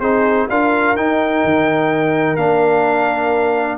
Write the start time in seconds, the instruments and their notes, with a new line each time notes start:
0.00 tuba C4, trombone D#4, horn G#4, trumpet C5
0.50 tuba D4, trombone F4, horn A#4, trumpet F5
0.96 tuba D#4, trombone D#4, trumpet G5
1.44 tuba D#3
2.37 tuba A#3, trombone D4, trumpet F5